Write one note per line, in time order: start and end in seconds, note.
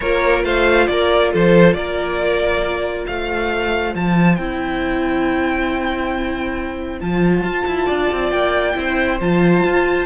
0.00 0.44 A#3
0.00 4.38 F4
0.00 0.44 A#4
0.00 0.43 C#5
0.44 0.88 A3
0.44 0.88 C5
0.44 0.87 F5
0.87 1.32 A#3
0.87 1.32 A#4
0.87 1.30 D5
1.32 1.74 F3
1.32 1.76 A4
1.32 1.73 C5
1.73 3.05 A#3
1.73 3.08 A#4
1.73 3.04 D5
3.06 3.95 A3
3.06 7.86 C5
3.06 3.94 F5
3.95 4.38 F3
3.95 4.35 A5
4.35 7.00 C4
4.35 7.00 E4
4.35 6.98 G5
7.00 7.43 F3
7.00 8.74 F4
7.00 8.30 A5
7.43 7.65 F4
7.66 7.87 E4
7.86 8.11 D4
7.86 8.73 D5
8.12 8.31 C4
8.30 8.75 A#3
8.30 9.17 G5
8.74 9.19 C4
8.74 9.18 E4
8.74 10.05 C5
9.20 9.63 F3
9.20 10.05 F4
9.20 10.05 A5
9.63 10.05 F4